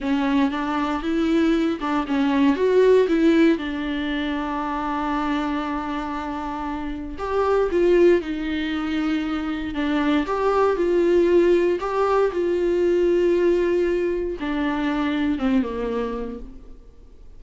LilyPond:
\new Staff \with { instrumentName = "viola" } { \time 4/4 \tempo 4 = 117 cis'4 d'4 e'4. d'8 | cis'4 fis'4 e'4 d'4~ | d'1~ | d'2 g'4 f'4 |
dis'2. d'4 | g'4 f'2 g'4 | f'1 | d'2 c'8 ais4. | }